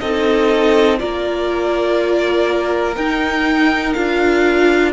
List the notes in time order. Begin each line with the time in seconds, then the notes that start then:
0.00 C4 D#4 A4 D#5
0.98 A#3 F4 A#4 D5
2.96 D#4 G5
3.93 D4 F4 F5